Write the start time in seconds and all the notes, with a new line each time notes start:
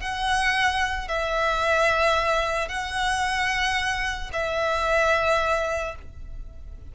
0.00 F#5
1.08 E5
2.69 F#5
4.33 E5